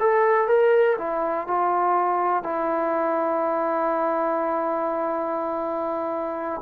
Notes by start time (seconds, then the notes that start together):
0.00 A4
0.48 A#4
0.98 E4
1.48 F4
2.44 E4